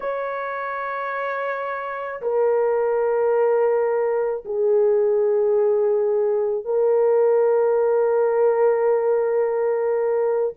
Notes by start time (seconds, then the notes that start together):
0.00 C#5
2.21 A#4
4.45 G#4
6.64 A#4